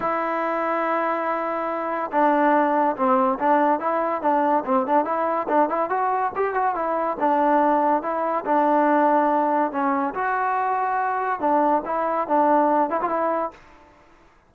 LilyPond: \new Staff \with { instrumentName = "trombone" } { \time 4/4 \tempo 4 = 142 e'1~ | e'4 d'2 c'4 | d'4 e'4 d'4 c'8 d'8 | e'4 d'8 e'8 fis'4 g'8 fis'8 |
e'4 d'2 e'4 | d'2. cis'4 | fis'2. d'4 | e'4 d'4. e'16 f'16 e'4 | }